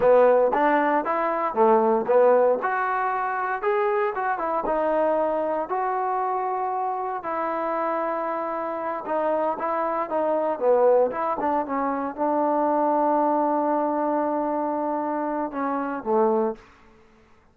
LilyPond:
\new Staff \with { instrumentName = "trombone" } { \time 4/4 \tempo 4 = 116 b4 d'4 e'4 a4 | b4 fis'2 gis'4 | fis'8 e'8 dis'2 fis'4~ | fis'2 e'2~ |
e'4. dis'4 e'4 dis'8~ | dis'8 b4 e'8 d'8 cis'4 d'8~ | d'1~ | d'2 cis'4 a4 | }